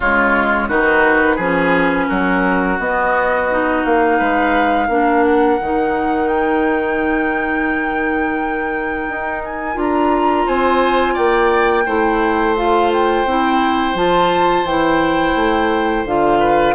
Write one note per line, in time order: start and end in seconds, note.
0.00 0.67 C#3
0.00 0.69 G#3
0.00 0.67 F4
0.00 0.68 C#5
0.67 1.37 D#3
0.67 1.39 D#4
0.67 1.35 F#4
0.67 2.08 B4
1.35 2.07 F3
1.35 2.79 C#4
1.35 2.05 G#4
2.08 2.79 F#3
2.08 4.18 F#4
2.08 2.77 A#4
2.79 3.83 B3
2.79 3.49 B3
2.79 3.84 D#5
3.50 4.89 D#4
3.84 4.20 A#3
3.84 5.23 F5
4.18 4.88 G#3
4.18 4.87 B4
4.87 5.58 A#3
4.87 5.59 D4
4.87 10.45 A#4
5.23 6.28 F#5
5.60 9.09 D#3
5.60 9.74 D#4
6.28 9.42 G5
9.09 9.76 D#4
9.44 9.78 G#5
9.74 10.45 D4
9.74 11.83 F4
9.80 10.48 A#5
10.46 11.17 C4
10.46 11.13 C5
10.46 11.16 G#5
11.13 11.86 A#3
11.13 11.83 D5
11.13 12.55 G5
11.85 13.25 A3
11.85 12.56 E4
11.85 16.39 C5
12.56 13.26 F4
12.56 12.91 F5
12.92 13.96 G5
13.25 13.94 C4
13.25 13.95 E4
13.94 14.63 F3
13.94 14.65 F4
13.94 14.66 A5
14.63 15.33 E3
14.63 16.06 E4
14.63 16.05 G5
15.35 16.05 A3
16.05 16.74 D3
16.05 16.74 F4
16.05 16.74 F5
16.39 16.74 B4